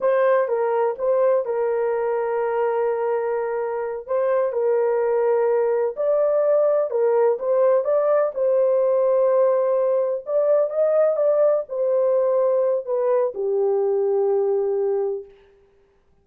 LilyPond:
\new Staff \with { instrumentName = "horn" } { \time 4/4 \tempo 4 = 126 c''4 ais'4 c''4 ais'4~ | ais'1~ | ais'8 c''4 ais'2~ ais'8~ | ais'8 d''2 ais'4 c''8~ |
c''8 d''4 c''2~ c''8~ | c''4. d''4 dis''4 d''8~ | d''8 c''2~ c''8 b'4 | g'1 | }